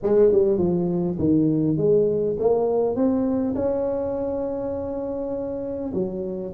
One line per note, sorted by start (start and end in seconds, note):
0.03 0.32 G#3
0.32 0.58 G3
0.58 1.17 F3
1.19 1.77 D#3
1.77 2.36 G#3
2.39 2.95 A#3
2.95 3.55 C4
3.55 5.92 C#4
5.93 6.53 F#3